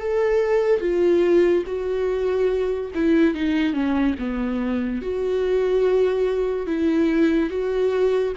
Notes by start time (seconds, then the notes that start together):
0.00 A4
0.81 F4
1.66 F#4
2.94 E4
3.34 D#4
3.73 C#4
4.19 B3
5.02 F#4
6.67 E4
7.50 F#4